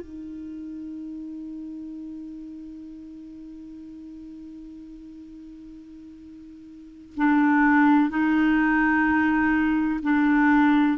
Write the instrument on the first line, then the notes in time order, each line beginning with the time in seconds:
clarinet
0.00 D#4
7.16 D4
8.10 D#4
10.03 D4